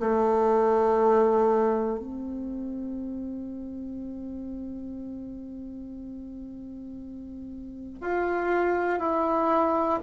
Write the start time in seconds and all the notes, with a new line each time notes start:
0.00 A3
2.00 C4
8.01 F4
9.00 E4